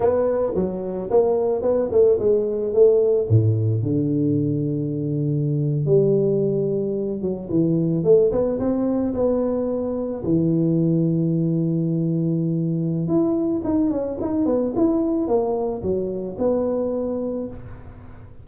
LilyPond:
\new Staff \with { instrumentName = "tuba" } { \time 4/4 \tempo 4 = 110 b4 fis4 ais4 b8 a8 | gis4 a4 a,4 d4~ | d2~ d8. g4~ g16~ | g4~ g16 fis8 e4 a8 b8 c'16~ |
c'8. b2 e4~ e16~ | e1 | e'4 dis'8 cis'8 dis'8 b8 e'4 | ais4 fis4 b2 | }